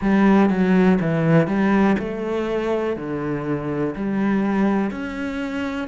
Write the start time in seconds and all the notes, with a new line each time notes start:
0.01 G3
0.49 F#3
1.01 E3
1.47 G3
1.99 A3
2.96 D3
3.95 G3
4.90 C#4